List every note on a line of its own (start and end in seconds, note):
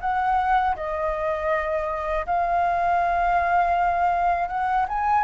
0.00 0.75 F#5
0.75 2.25 D#5
2.26 4.48 F5
4.48 4.85 F#5
4.88 5.23 G#5